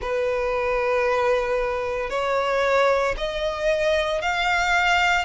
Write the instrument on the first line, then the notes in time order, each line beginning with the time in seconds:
violin
0.01 B4
2.10 C#5
3.17 D#5
4.21 F5